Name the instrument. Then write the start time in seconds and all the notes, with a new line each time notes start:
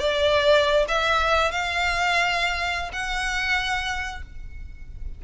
violin
0.00 D5
0.88 E5
1.52 F5
2.93 F#5